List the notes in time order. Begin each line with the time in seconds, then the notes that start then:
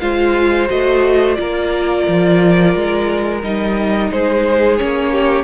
0.00 G#3 F4 C5 F5
0.69 A3 F#4 D#5
1.36 A#3 F4 A#4 D5
2.08 F3
2.76 G#3
3.43 G3 D#4 D#5
4.12 G#3 G#4 C5
4.78 A#3 C#4 C#5
5.12 G4